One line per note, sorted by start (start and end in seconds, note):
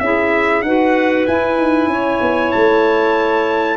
0.00 0.62 C#4
0.00 0.64 E4
0.00 0.66 G#4
0.00 0.63 E5
0.62 1.26 D#4
0.62 1.27 F#4
0.62 1.91 B4
0.62 1.26 F#5
1.27 3.78 E4
1.27 1.58 E4
1.27 2.52 G#5
1.58 1.87 D#4
1.87 2.19 C#4
1.87 3.78 C#5
2.22 2.53 B3
2.52 3.78 A3
2.52 3.78 A5